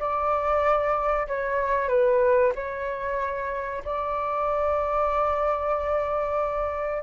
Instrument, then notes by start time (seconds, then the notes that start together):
flute
0.00 D5
1.28 C#5
1.89 B4
2.56 C#5
3.85 D5